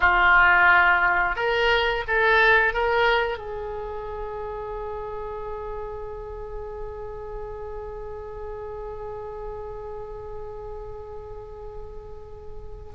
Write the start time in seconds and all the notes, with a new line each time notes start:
0.00 F4
1.35 A#4
2.07 A4
2.73 A#4
3.37 G#4